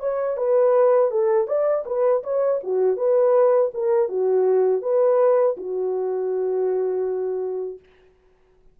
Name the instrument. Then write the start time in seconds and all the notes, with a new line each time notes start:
horn
0.00 C#5
0.37 B4
1.11 A4
1.47 D5
1.86 B4
2.24 C#5
2.64 F#4
2.97 B4
3.74 A#4
4.08 F#4
4.82 B4
5.57 F#4